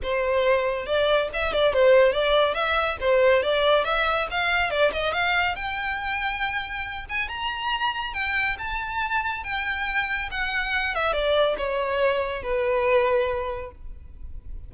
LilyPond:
\new Staff \with { instrumentName = "violin" } { \time 4/4 \tempo 4 = 140 c''2 d''4 e''8 d''8 | c''4 d''4 e''4 c''4 | d''4 e''4 f''4 d''8 dis''8 | f''4 g''2.~ |
g''8 gis''8 ais''2 g''4 | a''2 g''2 | fis''4. e''8 d''4 cis''4~ | cis''4 b'2. | }